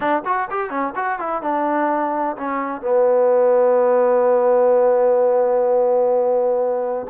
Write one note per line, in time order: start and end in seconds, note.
0.00 0.22 D4
0.25 0.48 F#4
0.50 0.70 G4
0.70 0.93 C#4
0.95 1.19 F#4
1.19 1.42 E4
1.42 2.36 D4
2.36 2.81 C#4
2.81 7.06 B3